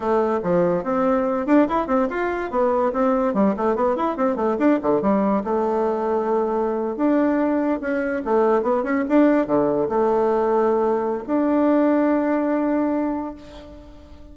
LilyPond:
\new Staff \with { instrumentName = "bassoon" } { \time 4/4 \tempo 4 = 144 a4 f4 c'4. d'8 | e'8 c'8 f'4 b4 c'4 | g8 a8 b8 e'8 c'8 a8 d'8 d8 | g4 a2.~ |
a8. d'2 cis'4 a16~ | a8. b8 cis'8 d'4 d4 a16~ | a2. d'4~ | d'1 | }